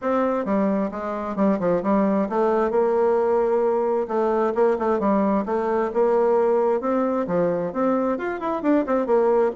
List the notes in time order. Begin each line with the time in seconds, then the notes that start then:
0.01 C4
0.45 G3
0.91 G#3
1.36 G3
1.59 F3
1.83 G3
2.29 A3
2.70 A#3
4.07 A3
4.54 A#3
4.79 A3
4.99 G3
5.45 A3
5.93 A#3
6.81 C4
7.27 F3
7.73 C4
8.17 F4
8.39 E4
8.62 D4
8.86 C4
9.06 A#3